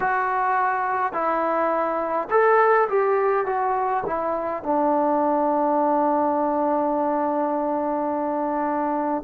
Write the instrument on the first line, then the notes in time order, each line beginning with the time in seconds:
trombone
0.00 F#4
1.13 E4
2.30 A4
2.88 G4
3.46 F#4
4.06 E4
4.63 D4